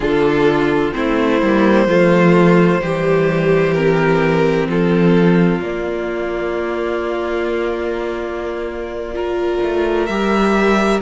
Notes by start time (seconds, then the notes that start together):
0.00 D3 D4 F4 A4
0.92 A3 C4 E4 C5
1.41 G3 A#3
1.86 F3 A3 F4
2.80 E3 G3 G4
3.73 C4 A#4
4.68 F3 F4 A4
5.59 A#3 D5
5.65 A#3
9.14 F4 A#4
9.62 A3
10.05 G3 G4 E5